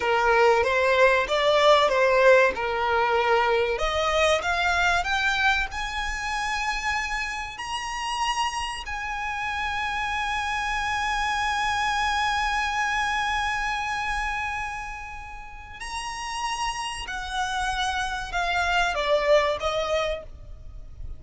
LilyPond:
\new Staff \with { instrumentName = "violin" } { \time 4/4 \tempo 4 = 95 ais'4 c''4 d''4 c''4 | ais'2 dis''4 f''4 | g''4 gis''2. | ais''2 gis''2~ |
gis''1~ | gis''1~ | gis''4 ais''2 fis''4~ | fis''4 f''4 d''4 dis''4 | }